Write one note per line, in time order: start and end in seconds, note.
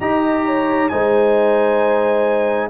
0.00 0.90 D#4
0.00 0.90 G4
0.00 0.45 D#5
0.00 0.89 A#5
0.45 0.90 C#5
0.89 2.70 G#3
0.89 2.70 D#4
0.89 2.70 C5
0.89 2.68 G#5